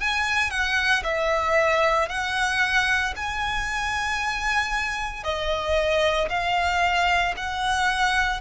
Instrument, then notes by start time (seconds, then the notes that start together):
violin
0.00 G#5
0.51 F#5
1.04 E5
2.09 F#5
3.16 G#5
5.24 D#5
6.30 F5
7.37 F#5